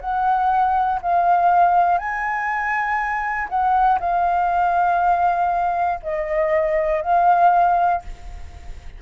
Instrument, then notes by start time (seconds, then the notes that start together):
flute
0.00 F#5
1.01 F5
1.98 G#5
3.49 F#5
4.00 F5
6.02 D#5
7.02 F5